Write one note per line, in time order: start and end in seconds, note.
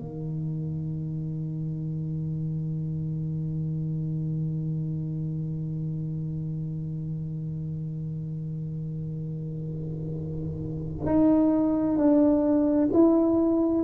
0.00 11.06 D#3
11.06 11.97 D#4
11.97 12.90 D4
12.94 13.85 E4